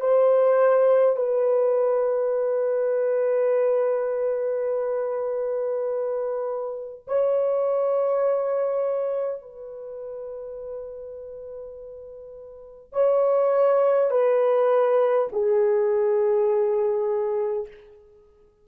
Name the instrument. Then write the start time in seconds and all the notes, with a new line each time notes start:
horn
0.00 C5
1.17 B4
7.07 C#5
9.42 B4
12.93 C#5
14.11 B4
15.32 G#4